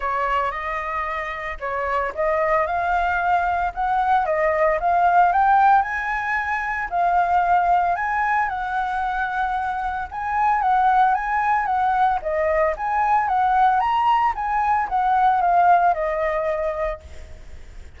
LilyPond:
\new Staff \with { instrumentName = "flute" } { \time 4/4 \tempo 4 = 113 cis''4 dis''2 cis''4 | dis''4 f''2 fis''4 | dis''4 f''4 g''4 gis''4~ | gis''4 f''2 gis''4 |
fis''2. gis''4 | fis''4 gis''4 fis''4 dis''4 | gis''4 fis''4 ais''4 gis''4 | fis''4 f''4 dis''2 | }